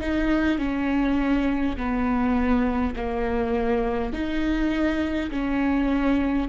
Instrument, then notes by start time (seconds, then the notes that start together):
viola
0.00 D#4
0.58 C#4
1.76 B3
2.95 A#3
4.12 D#4
5.30 C#4